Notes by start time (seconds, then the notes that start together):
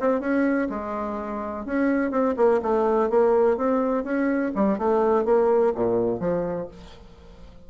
0.00 C4
0.21 C#4
0.70 G#3
1.65 C#4
2.11 C4
2.37 A#3
2.62 A3
3.10 A#3
3.57 C4
4.04 C#4
4.55 G3
4.78 A3
5.25 A#3
5.75 A#2
6.20 F3